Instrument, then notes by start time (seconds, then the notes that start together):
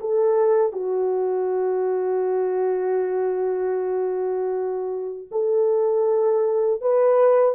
horn
0.00 A4
0.72 F#4
5.31 A4
6.81 B4